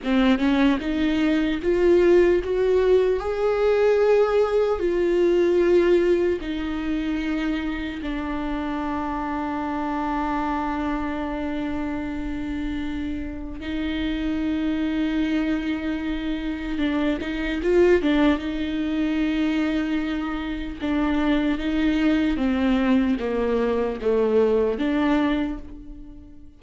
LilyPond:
\new Staff \with { instrumentName = "viola" } { \time 4/4 \tempo 4 = 75 c'8 cis'8 dis'4 f'4 fis'4 | gis'2 f'2 | dis'2 d'2~ | d'1~ |
d'4 dis'2.~ | dis'4 d'8 dis'8 f'8 d'8 dis'4~ | dis'2 d'4 dis'4 | c'4 ais4 a4 d'4 | }